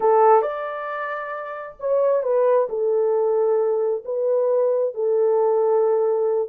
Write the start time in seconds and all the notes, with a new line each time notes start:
0.00 A4
0.42 D5
1.79 C#5
2.22 B4
2.69 A4
4.04 B4
4.94 A4